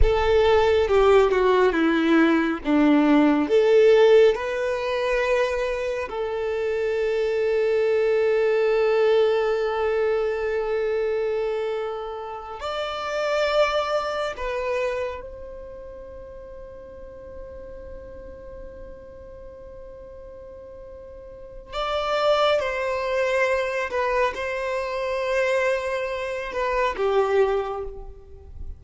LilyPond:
\new Staff \with { instrumentName = "violin" } { \time 4/4 \tempo 4 = 69 a'4 g'8 fis'8 e'4 d'4 | a'4 b'2 a'4~ | a'1~ | a'2~ a'8 d''4.~ |
d''8 b'4 c''2~ c''8~ | c''1~ | c''4 d''4 c''4. b'8 | c''2~ c''8 b'8 g'4 | }